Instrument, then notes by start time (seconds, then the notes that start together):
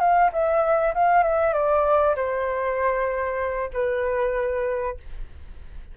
flute
0.00 F5
0.32 E5
0.95 F5
1.23 E5
1.54 D5
2.16 C5
3.74 B4